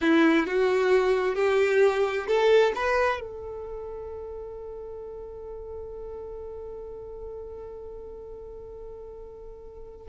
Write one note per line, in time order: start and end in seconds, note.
0.01 0.46 E4
0.46 1.35 F#4
1.35 2.27 G4
2.27 2.73 A4
2.75 3.20 B4
3.20 10.07 A4